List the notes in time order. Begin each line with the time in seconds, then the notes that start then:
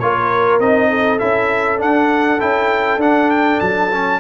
0.00 A#3 F4 A#4 C#5
0.60 C4 D#4 D#5
0.90 A4
1.19 C#4 E4 E5
1.78 D4 F#5
2.40 C#4 E4 G5
2.97 D4 F#5
3.31 G5
3.60 F#3 A5
3.92 C#4